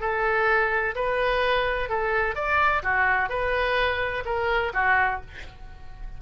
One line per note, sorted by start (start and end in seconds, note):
0.00 0.94 A4
0.95 1.89 B4
1.89 2.35 A4
2.35 2.82 D5
2.82 3.29 F#4
3.29 4.23 B4
4.25 4.72 A#4
4.74 5.21 F#4